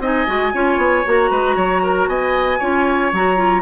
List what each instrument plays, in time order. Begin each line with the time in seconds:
0.00 bassoon C4, clarinet D#4, oboe D#5, flute G#5
0.27 bassoon G#3, clarinet F#4
0.54 bassoon C#4, clarinet F4, oboe C#5
0.77 bassoon B3
1.05 bassoon A#3, clarinet F#4, flute A#5
1.30 bassoon G#3, oboe B4
1.56 bassoon F#3, oboe C#5
1.83 oboe A#4
2.08 bassoon B3, oboe D#5, flute G#5
2.59 bassoon C#4, clarinet F4, oboe C#5
3.12 bassoon F#3, clarinet F#4, flute A#5
3.37 clarinet F4